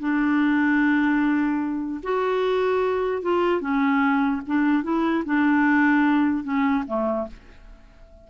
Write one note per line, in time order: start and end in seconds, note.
0.00 2.01 D4
2.03 3.23 F#4
3.23 3.61 F4
3.61 4.42 C#4
4.47 4.84 D4
4.84 5.24 E4
5.26 6.44 D4
6.44 6.84 C#4
6.88 7.28 A3